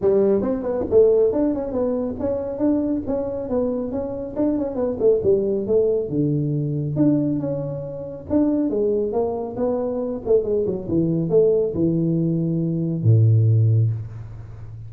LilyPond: \new Staff \with { instrumentName = "tuba" } { \time 4/4 \tempo 4 = 138 g4 c'8 b8 a4 d'8 cis'8 | b4 cis'4 d'4 cis'4 | b4 cis'4 d'8 cis'8 b8 a8 | g4 a4 d2 |
d'4 cis'2 d'4 | gis4 ais4 b4. a8 | gis8 fis8 e4 a4 e4~ | e2 a,2 | }